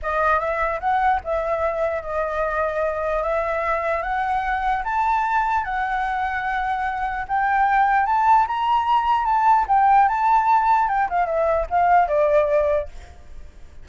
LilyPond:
\new Staff \with { instrumentName = "flute" } { \time 4/4 \tempo 4 = 149 dis''4 e''4 fis''4 e''4~ | e''4 dis''2. | e''2 fis''2 | a''2 fis''2~ |
fis''2 g''2 | a''4 ais''2 a''4 | g''4 a''2 g''8 f''8 | e''4 f''4 d''2 | }